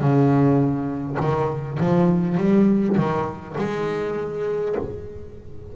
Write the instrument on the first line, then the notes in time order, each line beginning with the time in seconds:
double bass
0.00 C#3
1.20 D#3
1.80 F3
2.38 G3
2.97 D#3
3.58 G#3